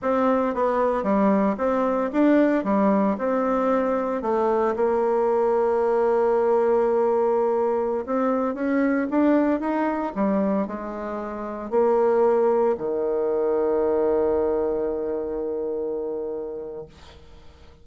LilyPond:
\new Staff \with { instrumentName = "bassoon" } { \time 4/4 \tempo 4 = 114 c'4 b4 g4 c'4 | d'4 g4 c'2 | a4 ais2.~ | ais2.~ ais16 c'8.~ |
c'16 cis'4 d'4 dis'4 g8.~ | g16 gis2 ais4.~ ais16~ | ais16 dis2.~ dis8.~ | dis1 | }